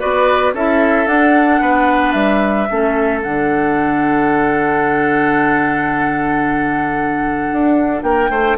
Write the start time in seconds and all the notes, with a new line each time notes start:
0.00 B3 F#4 B4 D5
0.54 C#4 E4 A4 E5
1.07 D4 F#5
1.61 B3 B4
2.13 G3 E5
2.70 A3 C#4 A4
3.23 D3 D4 F#5
7.53 D4
8.03 A#3 A#4 G5
8.30 A3 C5